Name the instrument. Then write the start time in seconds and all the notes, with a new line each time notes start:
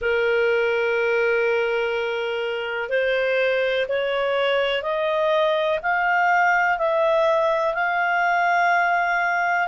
clarinet
0.00 A#4
2.89 C5
3.88 C#5
4.82 D#5
5.82 F5
6.77 E5
7.74 F5